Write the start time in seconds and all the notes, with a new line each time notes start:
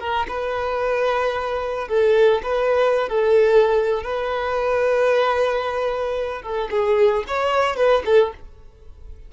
0.00 A#4
0.28 B4
1.88 A4
2.43 B4
3.09 A4
4.03 B4
6.42 A4
6.71 G#4
7.27 C#5
7.76 B4
8.06 A4